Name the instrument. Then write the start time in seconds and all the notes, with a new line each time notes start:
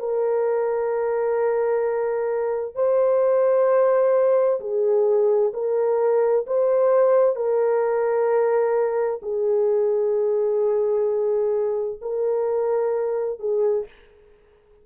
horn
0.00 A#4
2.76 C5
4.61 G#4
5.54 A#4
6.47 C5
7.36 A#4
9.23 G#4
12.02 A#4
13.40 G#4